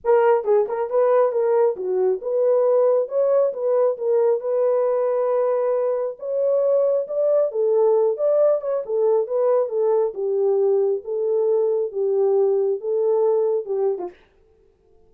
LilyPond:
\new Staff \with { instrumentName = "horn" } { \time 4/4 \tempo 4 = 136 ais'4 gis'8 ais'8 b'4 ais'4 | fis'4 b'2 cis''4 | b'4 ais'4 b'2~ | b'2 cis''2 |
d''4 a'4. d''4 cis''8 | a'4 b'4 a'4 g'4~ | g'4 a'2 g'4~ | g'4 a'2 g'8. f'16 | }